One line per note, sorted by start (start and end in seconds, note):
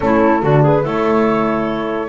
0.00 0.42 A3
0.00 0.40 C#4
0.00 0.42 E4
0.00 0.63 A4
0.42 0.85 D3
0.42 0.82 D4
0.42 0.63 F#4
0.63 0.83 G#4
0.63 0.86 B4
0.82 2.08 A3
0.82 2.08 E4
0.82 2.08 A4
0.82 2.08 C#5